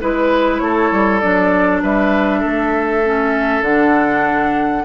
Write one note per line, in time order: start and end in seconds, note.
0.00 0.60 G#3
0.00 1.21 E4
0.00 0.61 B4
0.00 0.58 B4
0.58 0.90 A3
0.58 1.82 A4
0.58 1.19 C#5
0.91 1.22 G3
1.19 1.83 F#3
1.19 3.02 D4
1.19 1.80 D5
1.82 2.43 G3
1.82 2.39 B4
1.82 3.63 E5
2.39 3.61 A3
2.39 4.82 A4
3.04 3.63 C#4
3.61 4.82 D3
3.61 4.84 D4
3.61 4.84 F#5